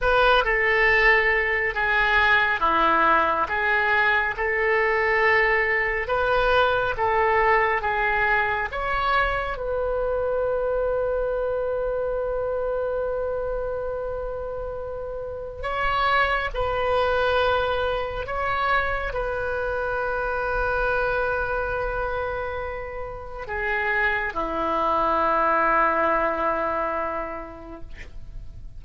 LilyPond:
\new Staff \with { instrumentName = "oboe" } { \time 4/4 \tempo 4 = 69 b'8 a'4. gis'4 e'4 | gis'4 a'2 b'4 | a'4 gis'4 cis''4 b'4~ | b'1~ |
b'2 cis''4 b'4~ | b'4 cis''4 b'2~ | b'2. gis'4 | e'1 | }